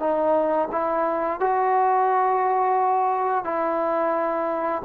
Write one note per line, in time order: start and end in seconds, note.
0.00 0.69 D#4
0.72 1.40 E4
1.40 3.45 F#4
3.45 4.83 E4